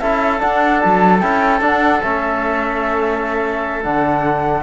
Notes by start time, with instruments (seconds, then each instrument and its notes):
0.00 cello C#4, trombone E4, oboe A4, flute E5
0.39 trombone D4, cello D4, flute F#5
0.81 cello F#3, flute A5
1.21 cello C#4, trombone E4, flute G5
1.61 trombone D4, cello D4, flute F#5
2.02 cello A3, trombone C#4, flute E5
3.83 cello D3, trombone D4, flute F#5